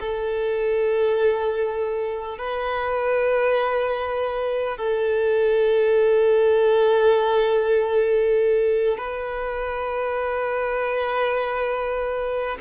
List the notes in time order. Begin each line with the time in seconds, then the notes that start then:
0.00 A4
2.38 B4
4.78 A4
8.98 B4